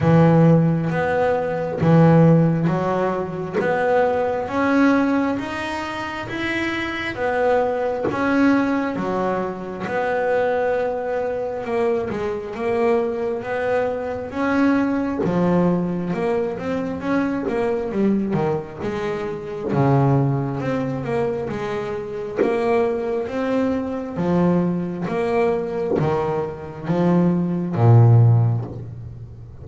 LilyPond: \new Staff \with { instrumentName = "double bass" } { \time 4/4 \tempo 4 = 67 e4 b4 e4 fis4 | b4 cis'4 dis'4 e'4 | b4 cis'4 fis4 b4~ | b4 ais8 gis8 ais4 b4 |
cis'4 f4 ais8 c'8 cis'8 ais8 | g8 dis8 gis4 cis4 c'8 ais8 | gis4 ais4 c'4 f4 | ais4 dis4 f4 ais,4 | }